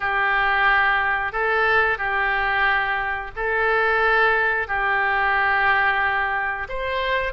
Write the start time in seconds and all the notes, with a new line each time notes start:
0.00 G4
1.32 A4
1.98 G4
3.35 A4
4.67 G4
6.68 C5